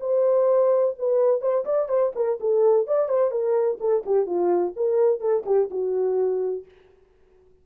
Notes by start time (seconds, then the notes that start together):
0.00 C5
0.98 B4
1.41 C5
1.64 D5
1.89 C5
2.15 A#4
2.40 A4
2.87 D5
3.09 C5
3.30 A#4
3.80 A4
4.05 G4
4.26 F4
4.76 A#4
5.20 A4
5.46 G4
5.70 F#4